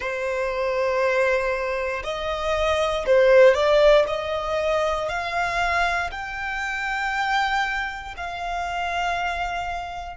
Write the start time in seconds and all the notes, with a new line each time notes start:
0.00 C5
2.03 D#5
3.06 C5
3.54 D5
4.07 D#5
5.08 F5
6.11 G5
8.16 F5